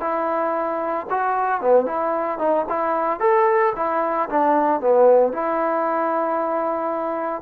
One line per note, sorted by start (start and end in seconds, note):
0.00 1.06 E4
1.10 1.61 F#4
1.61 1.86 B3
1.86 2.39 E4
2.39 2.65 D#4
2.69 3.20 E4
3.20 3.73 A4
3.76 4.29 E4
4.29 4.81 D4
4.81 5.33 B3
5.33 7.42 E4